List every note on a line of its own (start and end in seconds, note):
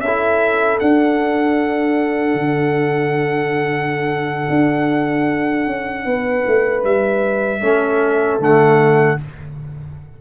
0.00 0.78 C#4
0.00 6.06 A4
0.00 0.78 E5
0.07 0.80 E4
0.80 7.62 D4
0.80 2.34 D4
0.80 6.83 F#5
2.34 4.48 D3
4.50 5.66 D4
5.66 6.05 C#4
6.05 6.44 B3
6.05 7.60 B4
6.47 6.84 A3
6.84 7.62 G3
6.84 8.40 E5
7.60 8.39 A3
7.60 8.40 C#4
7.60 9.16 A4
8.39 9.17 D3
8.39 9.18 A3
8.39 9.21 F#5